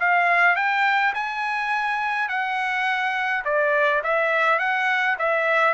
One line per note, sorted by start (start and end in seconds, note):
0.00 0.56 F5
0.56 1.14 G5
1.14 2.29 G#5
2.29 3.44 F#5
3.45 4.03 D5
4.04 4.59 E5
4.59 5.17 F#5
5.19 5.74 E5